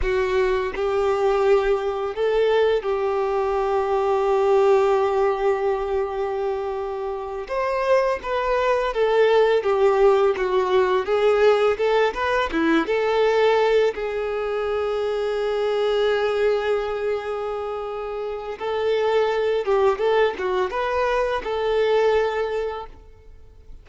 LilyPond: \new Staff \with { instrumentName = "violin" } { \time 4/4 \tempo 4 = 84 fis'4 g'2 a'4 | g'1~ | g'2~ g'8 c''4 b'8~ | b'8 a'4 g'4 fis'4 gis'8~ |
gis'8 a'8 b'8 e'8 a'4. gis'8~ | gis'1~ | gis'2 a'4. g'8 | a'8 fis'8 b'4 a'2 | }